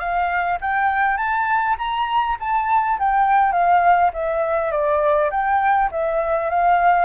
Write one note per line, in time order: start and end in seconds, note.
0.00 0.59 F5
0.61 1.17 G5
1.17 1.76 A5
1.79 2.37 A#5
2.40 2.99 A5
2.99 3.53 G5
3.53 4.11 F5
4.14 4.72 E5
4.72 5.30 D5
5.31 5.90 G5
5.92 6.50 E5
6.50 7.06 F5